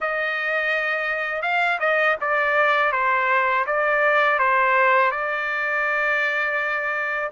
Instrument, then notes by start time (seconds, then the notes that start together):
trumpet
0.00 D#5
1.42 F5
1.79 D#5
2.20 D5
2.92 C5
3.66 D5
4.39 C5
5.11 D5